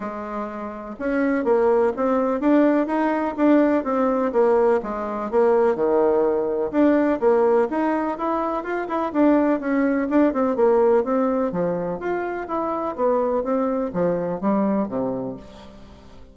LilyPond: \new Staff \with { instrumentName = "bassoon" } { \time 4/4 \tempo 4 = 125 gis2 cis'4 ais4 | c'4 d'4 dis'4 d'4 | c'4 ais4 gis4 ais4 | dis2 d'4 ais4 |
dis'4 e'4 f'8 e'8 d'4 | cis'4 d'8 c'8 ais4 c'4 | f4 f'4 e'4 b4 | c'4 f4 g4 c4 | }